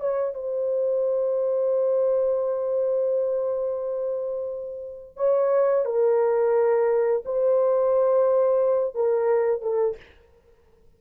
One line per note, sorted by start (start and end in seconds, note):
0.00 0.34 C#5
0.34 5.16 C5
5.16 5.85 C#5
5.85 7.23 A#4
7.25 8.94 C5
8.94 9.61 A#4
9.61 9.96 A4